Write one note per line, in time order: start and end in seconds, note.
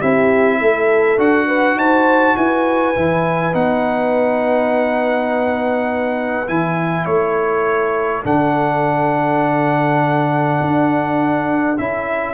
0.00 0.62 C4
0.00 1.19 E4
0.00 0.59 G4
0.00 1.19 E5
0.62 1.19 A3
0.62 1.47 A4
1.19 1.76 D4
1.19 2.95 F#4
1.19 1.79 F#5
1.47 1.77 B4
1.76 2.35 D#4
1.76 2.37 C5
1.76 2.37 A5
2.37 2.96 E4
2.37 7.07 B4
2.37 3.55 G#5
2.96 3.55 E3
2.96 3.53 E4
3.53 6.49 B3
3.53 6.47 D#4
3.53 6.49 F#5
6.48 7.06 E3
6.48 8.24 E4
6.48 7.06 G#5
7.06 8.24 A3
7.06 12.35 A4
7.06 8.23 C#5
8.24 10.61 D3
8.24 11.77 D4
8.24 11.78 F#5
10.62 11.79 D4
11.78 12.35 C#4
11.78 12.35 E4
11.78 12.35 E5